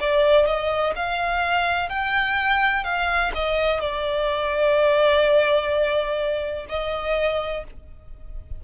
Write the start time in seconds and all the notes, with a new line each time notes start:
0.00 D5
0.46 D#5
0.95 F5
1.89 G5
2.84 F5
3.34 D#5
3.80 D5
6.69 D#5